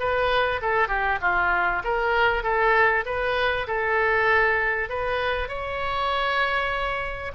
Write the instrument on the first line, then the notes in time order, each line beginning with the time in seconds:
oboe
0.00 B4
0.62 A4
0.88 G4
1.22 F4
1.84 A#4
2.44 A4
3.06 B4
3.68 A4
4.90 B4
5.49 C#5